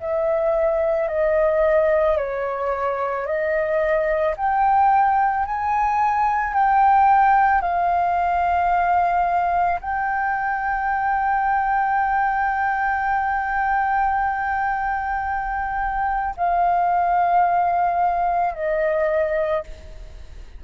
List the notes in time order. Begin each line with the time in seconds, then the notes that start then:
0.00 E5
1.08 D#5
2.17 C#5
3.26 D#5
4.36 G5
5.45 G#5
6.54 G5
7.61 F5
9.80 G5
16.36 F5
18.54 D#5